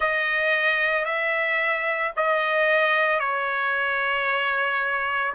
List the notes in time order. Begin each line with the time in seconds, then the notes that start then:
0.00 D#5
1.05 E5
2.16 D#5
3.19 C#5